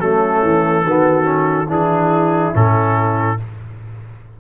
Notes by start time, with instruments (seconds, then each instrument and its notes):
0.00 tuba F#3, trombone A3, horn C#4, trumpet A4
0.43 tuba E3
0.84 tuba D#3, trombone B3, horn F#4
1.24 trombone C#4
1.67 tuba E3, trombone D4, horn E4, trumpet G#4
2.53 tuba A2, trombone C#4, trumpet A4